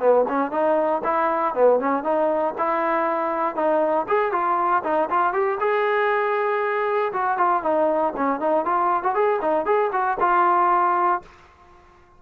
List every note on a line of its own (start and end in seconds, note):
0.00 0.25 B3
0.29 0.52 C#4
0.52 1.03 D#4
1.05 1.55 E4
1.55 1.80 B3
1.80 2.04 C#4
2.04 2.55 D#4
2.59 3.56 E4
3.56 4.07 D#4
4.09 4.33 G#4
4.33 4.84 F4
4.84 5.10 D#4
5.11 5.34 F4
5.34 5.59 G4
5.60 7.13 G#4
7.13 7.38 F#4
7.38 7.63 F4
7.63 8.14 D#4
8.17 8.40 C#4
8.40 8.66 D#4
8.66 9.04 F4
9.04 9.15 F#4
9.15 9.41 G#4
9.42 9.66 D#4
9.66 9.92 G#4
9.93 10.18 F#4
10.21 11.22 F4